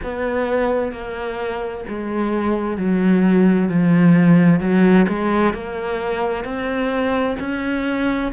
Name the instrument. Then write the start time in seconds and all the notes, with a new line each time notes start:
cello
0.03 B3
0.92 A#3
1.88 G#3
2.77 F#3
3.68 F3
4.59 F#3
5.08 G#3
5.53 A#3
6.44 C4
7.39 C#4